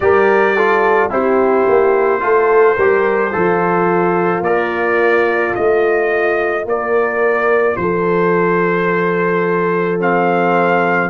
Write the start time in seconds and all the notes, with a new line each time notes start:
0.00 G3 G4 A#4 D5
0.55 F4 A4
1.09 C4 E4 G4 C5
1.68 A#3
2.20 A3 F4 A4
2.76 G3 G4 A#4
3.31 F3 F4 A4
4.41 A#3 A#4 D5
5.54 A3 F4 D#5
6.65 A#3 A#4 D5
7.76 F3 A4 C5
9.99 C4 F5